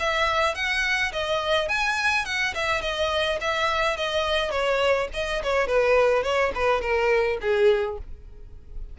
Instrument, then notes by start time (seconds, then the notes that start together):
violin
0.00 E5
0.55 F#5
1.13 D#5
1.69 G#5
2.26 F#5
2.55 E5
2.82 D#5
3.41 E5
3.97 D#5
4.51 C#5
5.14 D#5
5.44 C#5
5.68 B4
6.24 C#5
6.55 B4
6.82 A#4
7.42 G#4